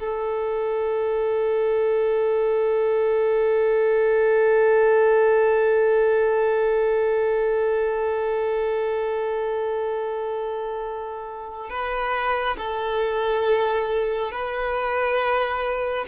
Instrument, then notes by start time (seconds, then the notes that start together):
violin
0.00 A4
11.70 B4
12.58 A4
14.32 B4